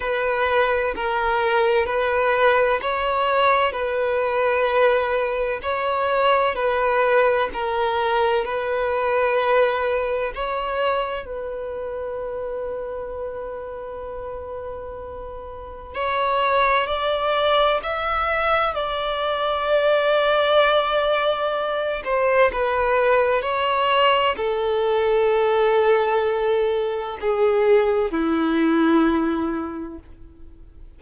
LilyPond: \new Staff \with { instrumentName = "violin" } { \time 4/4 \tempo 4 = 64 b'4 ais'4 b'4 cis''4 | b'2 cis''4 b'4 | ais'4 b'2 cis''4 | b'1~ |
b'4 cis''4 d''4 e''4 | d''2.~ d''8 c''8 | b'4 cis''4 a'2~ | a'4 gis'4 e'2 | }